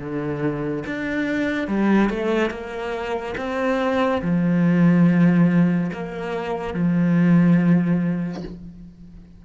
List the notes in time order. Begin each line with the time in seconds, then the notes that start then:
0.00 D3
0.87 D4
1.68 G3
2.10 A3
2.51 A#3
3.38 C4
4.23 F3
5.93 A#3
6.75 F3